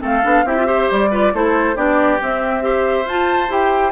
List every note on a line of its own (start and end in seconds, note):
0.00 0.24 A3
0.00 0.22 C4
0.00 0.45 A4
0.00 0.48 F5
0.23 0.44 B3
0.23 0.44 D4
0.44 0.88 C4
0.44 0.57 E4
0.44 0.66 G4
0.44 0.91 E5
0.57 0.65 F4
0.65 1.09 G4
0.65 1.10 C5
0.91 1.33 G3
0.91 1.35 D5
1.11 1.33 F4
1.11 1.32 B4
1.33 1.76 A3
1.33 1.75 E4
1.33 1.76 A4
1.33 1.76 C5
1.75 2.19 B3
1.75 2.18 D4
1.75 2.63 G4
1.75 2.20 D5
2.21 2.61 C4
2.21 3.05 C4
2.21 3.08 E5
2.61 3.04 G4
2.61 3.92 C5
3.05 3.49 F4
3.05 3.48 F4
3.05 3.51 A5
3.48 3.92 E4
3.48 3.92 G4
3.48 3.92 G5